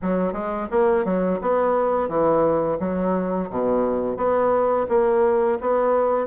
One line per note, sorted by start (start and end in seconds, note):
0.02 0.32 F#3
0.32 0.67 G#3
0.70 1.04 A#3
1.04 1.39 F#3
1.41 2.08 B3
2.08 2.77 E3
2.79 3.49 F#3
3.49 4.16 B2
4.16 4.86 B3
4.88 5.58 A#3
5.60 6.26 B3